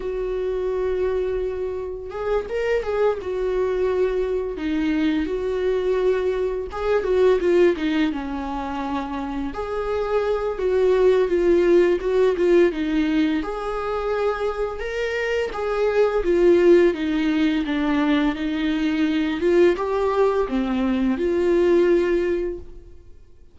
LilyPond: \new Staff \with { instrumentName = "viola" } { \time 4/4 \tempo 4 = 85 fis'2. gis'8 ais'8 | gis'8 fis'2 dis'4 fis'8~ | fis'4. gis'8 fis'8 f'8 dis'8 cis'8~ | cis'4. gis'4. fis'4 |
f'4 fis'8 f'8 dis'4 gis'4~ | gis'4 ais'4 gis'4 f'4 | dis'4 d'4 dis'4. f'8 | g'4 c'4 f'2 | }